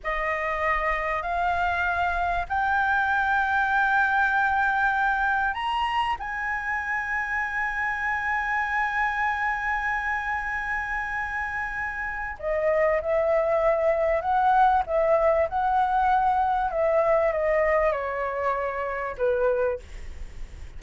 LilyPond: \new Staff \with { instrumentName = "flute" } { \time 4/4 \tempo 4 = 97 dis''2 f''2 | g''1~ | g''4 ais''4 gis''2~ | gis''1~ |
gis''1 | dis''4 e''2 fis''4 | e''4 fis''2 e''4 | dis''4 cis''2 b'4 | }